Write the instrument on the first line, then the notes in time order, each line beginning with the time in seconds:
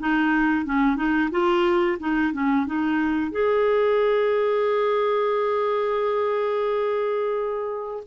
clarinet
0.00 D#4
0.65 C#4
0.96 D#4
1.31 F4
1.99 D#4
2.33 C#4
2.66 D#4
3.31 G#4